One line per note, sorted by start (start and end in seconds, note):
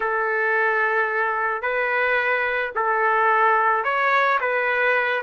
0.00 1.62 A4
1.62 2.72 B4
2.75 3.84 A4
3.84 4.39 C#5
4.40 5.23 B4